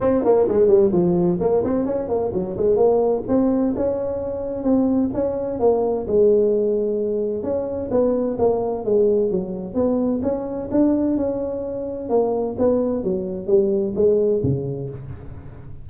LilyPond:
\new Staff \with { instrumentName = "tuba" } { \time 4/4 \tempo 4 = 129 c'8 ais8 gis8 g8 f4 ais8 c'8 | cis'8 ais8 fis8 gis8 ais4 c'4 | cis'2 c'4 cis'4 | ais4 gis2. |
cis'4 b4 ais4 gis4 | fis4 b4 cis'4 d'4 | cis'2 ais4 b4 | fis4 g4 gis4 cis4 | }